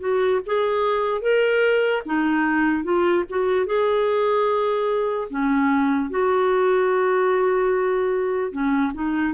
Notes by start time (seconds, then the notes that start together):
0.00 F#4
0.46 G#4
1.21 A#4
2.06 D#4
2.84 F4
3.29 F#4
3.66 G#4
5.30 C#4
6.10 F#4
8.51 C#4
8.94 D#4